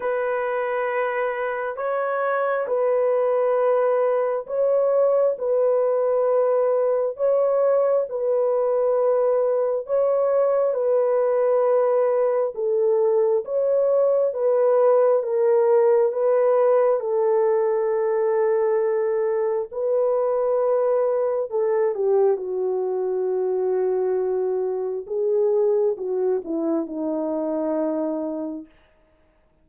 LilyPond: \new Staff \with { instrumentName = "horn" } { \time 4/4 \tempo 4 = 67 b'2 cis''4 b'4~ | b'4 cis''4 b'2 | cis''4 b'2 cis''4 | b'2 a'4 cis''4 |
b'4 ais'4 b'4 a'4~ | a'2 b'2 | a'8 g'8 fis'2. | gis'4 fis'8 e'8 dis'2 | }